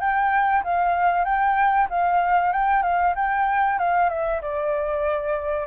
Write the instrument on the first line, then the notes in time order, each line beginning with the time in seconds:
flute
0.00 G5
0.64 F5
1.25 G5
1.90 F5
2.53 G5
2.83 F5
3.16 G5
3.78 F5
4.09 E5
4.41 D5